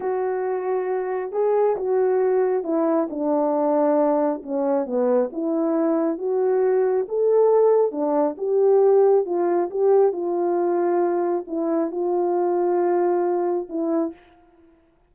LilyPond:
\new Staff \with { instrumentName = "horn" } { \time 4/4 \tempo 4 = 136 fis'2. gis'4 | fis'2 e'4 d'4~ | d'2 cis'4 b4 | e'2 fis'2 |
a'2 d'4 g'4~ | g'4 f'4 g'4 f'4~ | f'2 e'4 f'4~ | f'2. e'4 | }